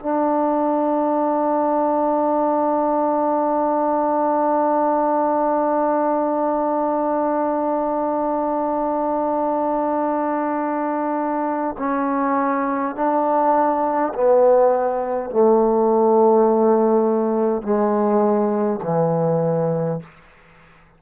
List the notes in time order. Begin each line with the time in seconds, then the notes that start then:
0.00 D4
11.79 C#4
12.96 D4
14.15 B3
15.30 A3
17.63 G#3
18.83 E3